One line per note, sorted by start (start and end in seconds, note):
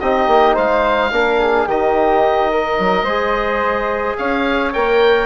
0.00 0.27 C4
0.00 1.12 D#4
0.00 0.55 G4
0.00 0.56 D#5
0.27 0.55 A#3
0.55 1.12 G#3
0.55 1.10 C5
0.55 1.68 F5
1.12 1.66 A#3
1.12 1.68 D4
1.12 1.39 A#4
1.39 1.67 G#4
1.66 2.77 D#3
1.66 3.06 D#4
1.66 2.51 G4
1.66 4.17 D#5
2.51 3.04 A#4
2.79 3.02 F#3
3.02 4.13 G#3
3.02 4.73 G#4
3.02 4.15 C5
4.17 4.74 C#4
4.17 5.26 C#5
4.17 4.73 F5
4.73 5.26 A#3
4.73 5.26 A#4
4.73 5.26 G5